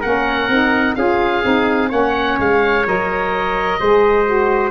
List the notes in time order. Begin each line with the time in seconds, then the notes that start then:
0.00 A#3 C#4 A#4 F#5
0.48 C4 D#4
0.95 C#4 F4 G#4 F5
1.42 C4 D#4
1.89 A#3 C#4 C#5 F#5
2.38 G#3 F5
2.86 F#3 A#4 D#5
3.80 G#3 G#4 C5
4.25 F#4